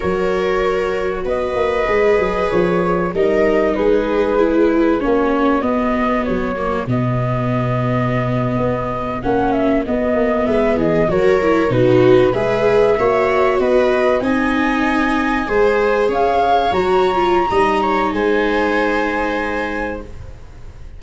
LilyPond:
<<
  \new Staff \with { instrumentName = "flute" } { \time 4/4 \tempo 4 = 96 cis''2 dis''2 | cis''4 dis''4 b'2 | cis''4 dis''4 cis''4 dis''4~ | dis''2~ dis''8. fis''8 e''8 dis''16~ |
dis''8. e''8 dis''8 cis''4 b'4 e''16~ | e''4.~ e''16 dis''4 gis''4~ gis''16~ | gis''4.~ gis''16 f''4 ais''4~ ais''16~ | ais''4 gis''2. | }
  \new Staff \with { instrumentName = "viola" } { \time 4/4 ais'2 b'2~ | b'4 ais'4 gis'2 | fis'1~ | fis'1~ |
fis'8. b'8 gis'8 ais'4 fis'4 b'16~ | b'8. cis''4 b'4 dis''4~ dis''16~ | dis''8. c''4 cis''2~ cis''16 | dis''8 cis''8 c''2. | }
  \new Staff \with { instrumentName = "viola" } { \time 4/4 fis'2. gis'4~ | gis'4 dis'2 e'4 | cis'4 b4. ais8 b4~ | b2~ b8. cis'4 b16~ |
b4.~ b16 fis'8 e'8 dis'4 gis'16~ | gis'8. fis'2 dis'4~ dis'16~ | dis'8. gis'2 fis'8. f'8 | dis'1 | }
  \new Staff \with { instrumentName = "tuba" } { \time 4/4 fis2 b8 ais8 gis8 fis8 | f4 g4 gis2 | ais4 b4 fis4 b,4~ | b,4.~ b,16 b4 ais4 b16~ |
b16 ais8 gis8 e8 fis4 b,4 gis16~ | gis8. ais4 b4 c'4~ c'16~ | c'8. gis4 cis'4 fis4~ fis16 | g4 gis2. | }
>>